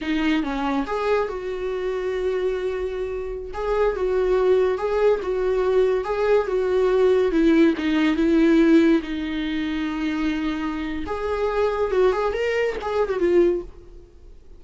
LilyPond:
\new Staff \with { instrumentName = "viola" } { \time 4/4 \tempo 4 = 141 dis'4 cis'4 gis'4 fis'4~ | fis'1~ | fis'16 gis'4 fis'2 gis'8.~ | gis'16 fis'2 gis'4 fis'8.~ |
fis'4~ fis'16 e'4 dis'4 e'8.~ | e'4~ e'16 dis'2~ dis'8.~ | dis'2 gis'2 | fis'8 gis'8 ais'4 gis'8. fis'16 f'4 | }